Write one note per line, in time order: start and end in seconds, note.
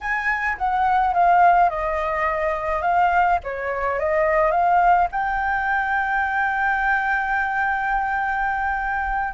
0.00 0.57 G#5
0.57 1.13 F#5
1.13 1.69 F5
1.69 2.82 D#5
2.82 3.38 F5
3.43 3.99 C#5
3.99 4.51 D#5
4.51 5.07 F5
5.11 9.33 G5